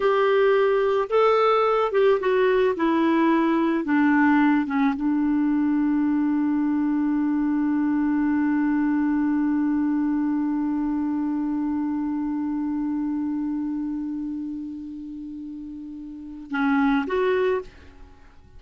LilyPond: \new Staff \with { instrumentName = "clarinet" } { \time 4/4 \tempo 4 = 109 g'2 a'4. g'8 | fis'4 e'2 d'4~ | d'8 cis'8 d'2.~ | d'1~ |
d'1~ | d'1~ | d'1~ | d'2 cis'4 fis'4 | }